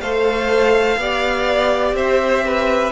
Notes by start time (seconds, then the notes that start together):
0.00 A3 A4 C5 F5
0.97 B3 G4 D5
1.93 C4 C5 E5
2.45 B4